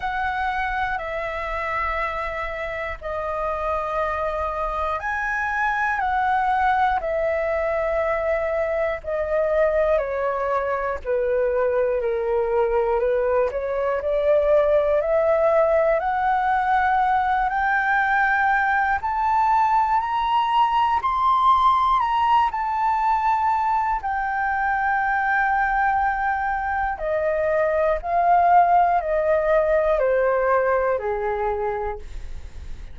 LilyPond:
\new Staff \with { instrumentName = "flute" } { \time 4/4 \tempo 4 = 60 fis''4 e''2 dis''4~ | dis''4 gis''4 fis''4 e''4~ | e''4 dis''4 cis''4 b'4 | ais'4 b'8 cis''8 d''4 e''4 |
fis''4. g''4. a''4 | ais''4 c'''4 ais''8 a''4. | g''2. dis''4 | f''4 dis''4 c''4 gis'4 | }